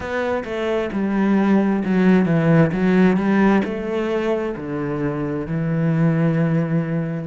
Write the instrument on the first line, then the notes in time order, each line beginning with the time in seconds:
cello
0.00 B3
0.44 A3
0.92 G3
1.84 F#3
2.25 E3
2.72 F#3
3.16 G3
3.64 A3
4.56 D3
5.46 E3